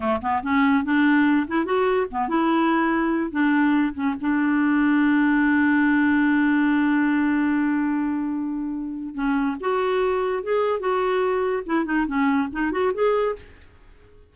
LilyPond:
\new Staff \with { instrumentName = "clarinet" } { \time 4/4 \tempo 4 = 144 a8 b8 cis'4 d'4. e'8 | fis'4 b8 e'2~ e'8 | d'4. cis'8 d'2~ | d'1~ |
d'1~ | d'2 cis'4 fis'4~ | fis'4 gis'4 fis'2 | e'8 dis'8 cis'4 dis'8 fis'8 gis'4 | }